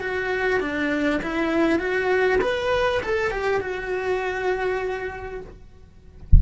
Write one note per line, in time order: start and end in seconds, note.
0.00 0.60 F#4
0.60 1.20 D4
1.23 1.79 E4
1.79 2.39 F#4
2.41 3.01 B4
3.03 3.31 A4
3.31 3.61 G4
3.61 5.41 F#4